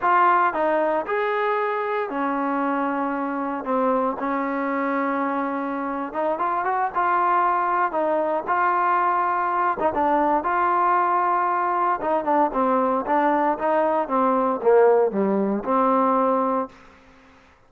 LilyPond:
\new Staff \with { instrumentName = "trombone" } { \time 4/4 \tempo 4 = 115 f'4 dis'4 gis'2 | cis'2. c'4 | cis'2.~ cis'8. dis'16~ | dis'16 f'8 fis'8 f'2 dis'8.~ |
dis'16 f'2~ f'8 dis'16 d'4 | f'2. dis'8 d'8 | c'4 d'4 dis'4 c'4 | ais4 g4 c'2 | }